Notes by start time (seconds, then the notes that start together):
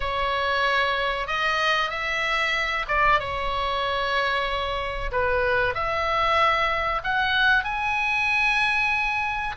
0.00 C#5
1.27 D#5
1.90 E5
2.88 D5
3.19 C#5
5.11 B4
5.74 E5
7.03 F#5
7.64 G#5